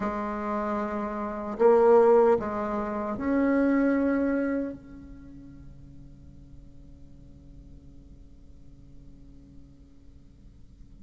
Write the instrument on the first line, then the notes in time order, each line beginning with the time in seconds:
bassoon
0.00 G#3
1.58 A#3
2.39 G#3
3.17 C#4
4.73 C#3